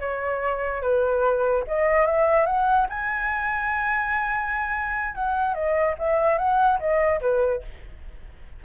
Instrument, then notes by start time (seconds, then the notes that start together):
flute
0.00 C#5
0.82 B4
1.67 D#5
2.06 E5
2.46 F#5
2.89 G#5
5.15 F#5
5.54 D#5
5.99 E5
6.38 F#5
6.79 D#5
7.21 B4